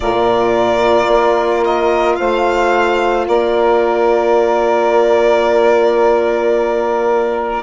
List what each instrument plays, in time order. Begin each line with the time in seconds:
0.00 bassoon A#2, saxophone F4 A#4, violin D5
1.07 bassoon A#3
1.64 violin D#5
2.16 bassoon A3, saxophone C5, violin F5
3.27 bassoon A#3, saxophone A#4, violin D5